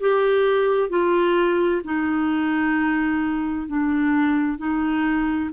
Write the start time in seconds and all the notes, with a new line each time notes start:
0.00 G4
0.89 F4
1.84 D#4
3.67 D4
4.58 D#4